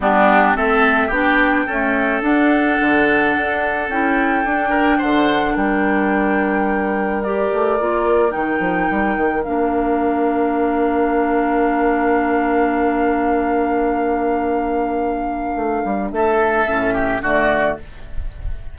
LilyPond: <<
  \new Staff \with { instrumentName = "flute" } { \time 4/4 \tempo 4 = 108 g'4 e''4 g''2 | fis''2. g''4~ | g''4 fis''4 g''2~ | g''4 d''2 g''4~ |
g''4 f''2.~ | f''1~ | f''1~ | f''4 e''2 d''4 | }
  \new Staff \with { instrumentName = "oboe" } { \time 4/4 d'4 a'4 g'4 a'4~ | a'1~ | a'8 ais'8 c''4 ais'2~ | ais'1~ |
ais'1~ | ais'1~ | ais'1~ | ais'4 a'4. g'8 fis'4 | }
  \new Staff \with { instrumentName = "clarinet" } { \time 4/4 b4 c'4 d'4 a4 | d'2. e'4 | d'1~ | d'4 g'4 f'4 dis'4~ |
dis'4 d'2.~ | d'1~ | d'1~ | d'2 cis'4 a4 | }
  \new Staff \with { instrumentName = "bassoon" } { \time 4/4 g4 a4 b4 cis'4 | d'4 d4 d'4 cis'4 | d'4 d4 g2~ | g4. a8 ais4 dis8 f8 |
g8 dis8 ais2.~ | ais1~ | ais1 | a8 g8 a4 a,4 d4 | }
>>